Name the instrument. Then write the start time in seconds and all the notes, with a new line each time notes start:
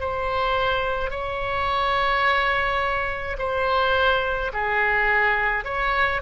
oboe
0.00 C5
1.10 C#5
3.38 C5
4.53 G#4
5.64 C#5